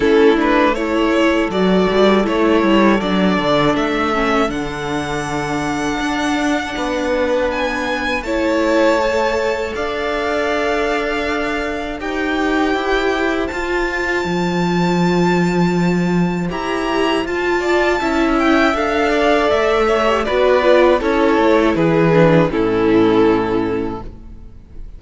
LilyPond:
<<
  \new Staff \with { instrumentName = "violin" } { \time 4/4 \tempo 4 = 80 a'8 b'8 cis''4 d''4 cis''4 | d''4 e''4 fis''2~ | fis''2 gis''4 a''4~ | a''4 f''2. |
g''2 a''2~ | a''2 ais''4 a''4~ | a''8 g''8 f''4 e''4 d''4 | cis''4 b'4 a'2 | }
  \new Staff \with { instrumentName = "violin" } { \time 4/4 e'4 a'2.~ | a'1~ | a'4 b'2 cis''4~ | cis''4 d''2. |
c''1~ | c''2.~ c''8 d''8 | e''4. d''4 cis''8 b'4 | a'4 gis'4 e'2 | }
  \new Staff \with { instrumentName = "viola" } { \time 4/4 cis'8 d'8 e'4 fis'4 e'4 | d'4. cis'8 d'2~ | d'2. e'4 | a'1 |
g'2 f'2~ | f'2 g'4 f'4 | e'4 a'4.~ a'16 g'16 fis'8 f'8 | e'4. d'8 cis'2 | }
  \new Staff \with { instrumentName = "cello" } { \time 4/4 a2 fis8 g8 a8 g8 | fis8 d8 a4 d2 | d'4 b2 a4~ | a4 d'2. |
dis'4 e'4 f'4 f4~ | f2 e'4 f'4 | cis'4 d'4 a4 b4 | cis'8 a8 e4 a,2 | }
>>